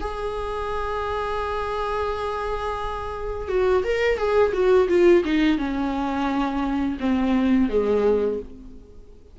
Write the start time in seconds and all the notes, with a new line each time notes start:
0.00 G#4
3.48 F#4
3.84 A#4
4.17 G#4
4.53 F#4
4.88 F4
5.25 D#4
5.58 C#4
7.00 C4
7.69 G#3